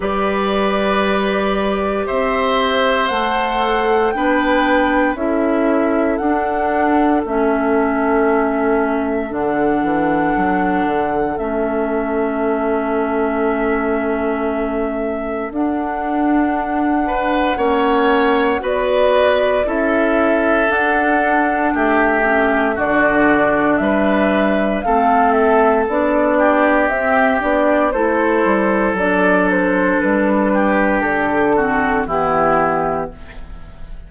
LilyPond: <<
  \new Staff \with { instrumentName = "flute" } { \time 4/4 \tempo 4 = 58 d''2 e''4 fis''4 | g''4 e''4 fis''4 e''4~ | e''4 fis''2 e''4~ | e''2. fis''4~ |
fis''2 d''4 e''4 | fis''4 e''4 d''4 e''4 | f''8 e''8 d''4 e''8 d''8 c''4 | d''8 c''8 b'4 a'4 g'4 | }
  \new Staff \with { instrumentName = "oboe" } { \time 4/4 b'2 c''2 | b'4 a'2.~ | a'1~ | a'1~ |
a'8 b'8 cis''4 b'4 a'4~ | a'4 g'4 fis'4 b'4 | a'4. g'4. a'4~ | a'4. g'4 fis'8 e'4 | }
  \new Staff \with { instrumentName = "clarinet" } { \time 4/4 g'2. a'4 | d'4 e'4 d'4 cis'4~ | cis'4 d'2 cis'4~ | cis'2. d'4~ |
d'4 cis'4 fis'4 e'4 | d'4. cis'8 d'2 | c'4 d'4 c'8 d'8 e'4 | d'2~ d'8 c'8 b4 | }
  \new Staff \with { instrumentName = "bassoon" } { \time 4/4 g2 c'4 a4 | b4 cis'4 d'4 a4~ | a4 d8 e8 fis8 d8 a4~ | a2. d'4~ |
d'4 ais4 b4 cis'4 | d'4 a4 d4 g4 | a4 b4 c'8 b8 a8 g8 | fis4 g4 d4 e4 | }
>>